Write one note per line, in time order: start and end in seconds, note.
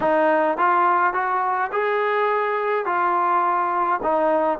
0.00 0.57 D#4
0.57 1.13 F4
1.13 1.70 F#4
1.72 2.85 G#4
2.85 3.99 F4
4.03 4.59 D#4